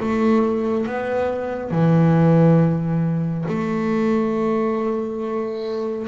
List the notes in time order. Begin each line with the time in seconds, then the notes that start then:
0.00 A3
0.87 B3
1.71 E3
3.49 A3